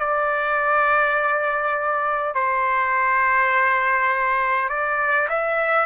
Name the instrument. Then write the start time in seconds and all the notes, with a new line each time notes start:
trumpet
0.00 D5
2.35 C5
4.69 D5
5.29 E5